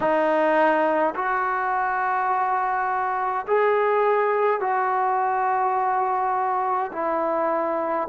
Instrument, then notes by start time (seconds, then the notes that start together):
trombone
0.00 D#4
1.15 F#4
3.47 G#4
4.60 F#4
6.92 E4